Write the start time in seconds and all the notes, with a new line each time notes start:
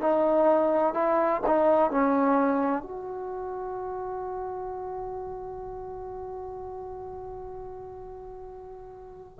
0.00 D#4
0.94 E4
1.46 D#4
1.90 C#4
2.82 F#4